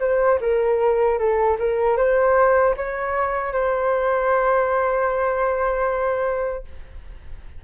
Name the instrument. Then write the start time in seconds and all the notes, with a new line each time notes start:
flute
0.00 C5
0.41 A#4
1.19 A4
1.59 A#4
1.97 C5
2.76 C#5
3.52 C5